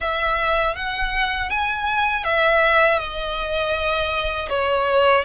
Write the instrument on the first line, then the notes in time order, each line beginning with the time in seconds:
violin
0.00 E5
0.75 F#5
1.50 G#5
2.24 E5
2.98 D#5
4.49 C#5